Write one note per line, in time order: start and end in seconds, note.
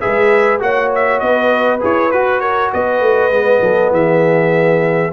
0.00 0.61 G#3
0.00 0.59 G#4
0.00 0.62 B4
0.00 0.60 E5
0.59 1.21 A#3
0.59 1.79 F#4
0.59 1.22 C#5
0.59 0.91 F#5
0.94 1.19 E5
1.19 1.81 B3
1.19 2.41 B4
1.19 1.79 D#5
1.80 2.12 E4
1.80 2.10 G#4
1.80 2.11 C#5
2.11 2.72 F#4
2.11 3.31 F#4
2.11 2.40 B4
2.40 2.71 A#4
2.40 2.70 C#5
2.72 3.00 B3
2.72 3.62 B4
2.72 3.92 D#5
3.00 3.30 A3
3.30 3.60 G#3
3.30 5.11 B3
3.61 3.91 F#3
3.61 3.92 A4
3.91 5.11 E3
3.91 5.12 G#4
3.91 5.13 E5